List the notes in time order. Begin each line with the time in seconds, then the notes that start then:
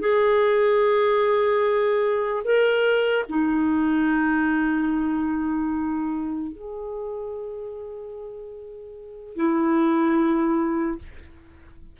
0.00 G#4
2.44 A#4
3.29 D#4
6.52 G#4
9.36 E4